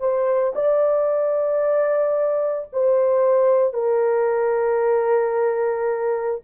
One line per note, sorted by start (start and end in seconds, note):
0.00 0.54 C5
0.55 2.69 D5
2.73 3.74 C5
3.74 6.41 A#4